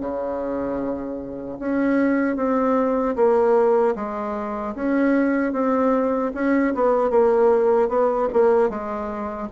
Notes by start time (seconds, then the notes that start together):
0.00 C#3
1.59 C#4
2.36 C4
3.16 A#3
3.95 G#3
4.75 C#4
5.53 C4
6.34 C#4
6.75 B3
7.10 A#3
7.89 B3
8.33 A#3
8.69 G#3